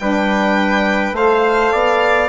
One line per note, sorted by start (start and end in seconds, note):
0.00 1.13 G3
0.00 1.14 D4
0.00 1.16 B4
0.00 1.15 G5
1.13 1.70 A3
1.13 2.29 A4
1.13 1.73 C5
1.13 2.29 F5
1.73 2.29 B3
1.73 2.29 D5